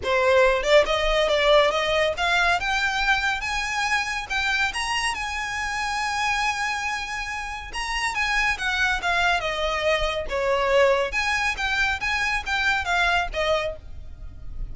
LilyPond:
\new Staff \with { instrumentName = "violin" } { \time 4/4 \tempo 4 = 140 c''4. d''8 dis''4 d''4 | dis''4 f''4 g''2 | gis''2 g''4 ais''4 | gis''1~ |
gis''2 ais''4 gis''4 | fis''4 f''4 dis''2 | cis''2 gis''4 g''4 | gis''4 g''4 f''4 dis''4 | }